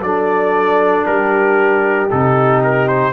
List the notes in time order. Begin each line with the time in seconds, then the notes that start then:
0.00 F#3 D4 A4 D5
1.05 G3 G4 A#4
2.10 C3 D#4 A4
2.63 A#4
2.87 C5